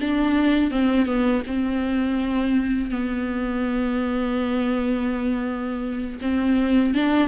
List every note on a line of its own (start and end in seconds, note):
0.00 0.71 D4
0.71 1.05 C4
1.05 1.42 B3
1.46 2.90 C4
2.90 6.19 B3
6.21 6.94 C4
6.94 7.28 D4